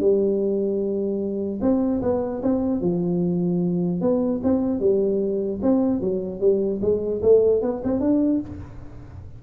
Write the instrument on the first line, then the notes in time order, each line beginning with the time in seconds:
tuba
0.00 G3
1.61 C4
2.02 B3
2.43 C4
2.81 F3
4.01 B3
4.43 C4
4.80 G3
5.62 C4
6.01 F#3
6.40 G3
6.82 G#3
7.22 A3
7.62 B3
7.84 C4
8.00 D4